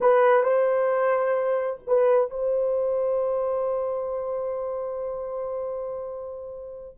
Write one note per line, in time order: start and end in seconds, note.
0.01 0.43 B4
0.43 1.80 C5
1.87 2.30 B4
2.30 6.98 C5